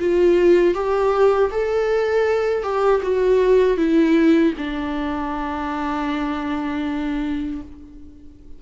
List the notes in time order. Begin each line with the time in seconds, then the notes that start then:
0.00 F4
0.75 G4
1.52 A4
2.64 G4
3.03 F#4
3.78 E4
4.58 D4